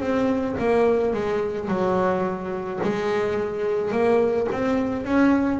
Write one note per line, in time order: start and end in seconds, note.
0.00 0.56 C4
0.59 1.14 A#3
1.14 1.69 G#3
1.69 2.80 F#3
2.83 3.91 G#3
3.91 4.47 A#3
4.52 5.05 C4
5.05 5.60 C#4